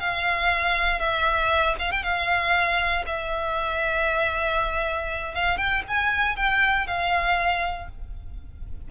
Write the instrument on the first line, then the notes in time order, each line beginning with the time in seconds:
violin
0.00 F5
1.00 E5
1.79 F5
1.92 G5
2.03 F5
3.06 E5
5.35 F5
5.58 G5
5.88 G#5
6.37 G5
6.87 F5